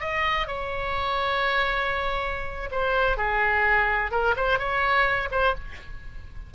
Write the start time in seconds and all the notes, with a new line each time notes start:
0.00 D#5
0.47 C#5
2.71 C5
3.17 G#4
4.11 A#4
4.36 C5
4.59 C#5
5.31 C5